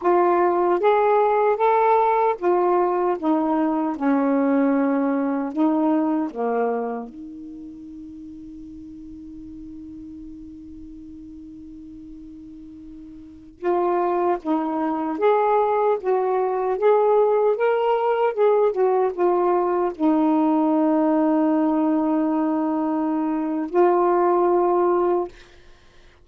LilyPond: \new Staff \with { instrumentName = "saxophone" } { \time 4/4 \tempo 4 = 76 f'4 gis'4 a'4 f'4 | dis'4 cis'2 dis'4 | ais4 dis'2.~ | dis'1~ |
dis'4~ dis'16 f'4 dis'4 gis'8.~ | gis'16 fis'4 gis'4 ais'4 gis'8 fis'16~ | fis'16 f'4 dis'2~ dis'8.~ | dis'2 f'2 | }